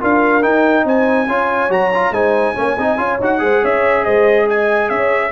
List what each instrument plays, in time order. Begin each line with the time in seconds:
0.00 tuba D4, trombone F4, horn A#4, trumpet F5
0.42 trombone D#4, tuba D#4, trumpet G5
0.85 tuba C4, horn C5, trumpet G#5
1.28 tuba C#4, trombone F4, horn C#5
1.69 tuba F#3, trombone F#4, trumpet A#5
1.94 trombone F4
2.11 tuba G#3, trombone D#4, horn C5, trumpet G#5
2.56 tuba A#3, trombone C#4, horn C#5
2.77 tuba C4, trombone D#4, horn D#5
2.98 tuba C#4, trombone F4, horn C#5
3.21 tuba D#4, trombone F#4, trumpet F#5
3.39 tuba G#3, trombone G#4, horn C5
3.62 tuba C#4, horn C#5, trumpet E5
4.04 tuba G#3, horn C5, trumpet D#5
4.48 horn D#5, trumpet G#5
4.89 tuba C#4, horn C#5, trumpet E5